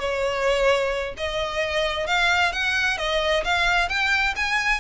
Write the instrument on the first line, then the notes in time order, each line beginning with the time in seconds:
violin
0.00 C#5
1.18 D#5
2.07 F5
2.53 F#5
2.98 D#5
3.45 F5
3.89 G5
4.36 G#5